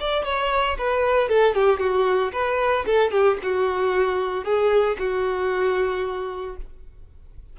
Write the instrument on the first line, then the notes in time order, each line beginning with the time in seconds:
violin
0.00 D5
0.24 C#5
0.78 B4
1.29 A4
1.55 G4
1.79 F#4
2.33 B4
2.86 A4
3.11 G4
3.43 F#4
4.44 G#4
4.99 F#4